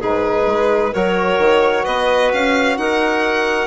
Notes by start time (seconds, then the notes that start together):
0.00 G#2 D#4 G#4 B4
0.47 G#3
0.92 F#3 F#4 A#4 C#5
1.38 D#3
1.84 B3 B4 D#5
2.32 C#4 F5
2.78 D#4 A#4 F#5